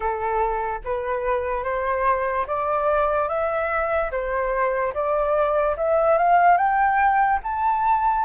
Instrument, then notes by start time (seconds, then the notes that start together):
flute
0.00 A4
0.84 B4
1.63 C5
2.47 D5
3.28 E5
4.11 C5
4.94 D5
5.76 E5
6.17 F5
6.57 G5
7.43 A5